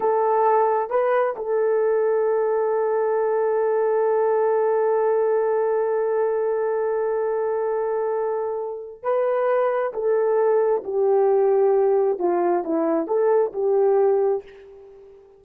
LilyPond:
\new Staff \with { instrumentName = "horn" } { \time 4/4 \tempo 4 = 133 a'2 b'4 a'4~ | a'1~ | a'1~ | a'1~ |
a'1 | b'2 a'2 | g'2. f'4 | e'4 a'4 g'2 | }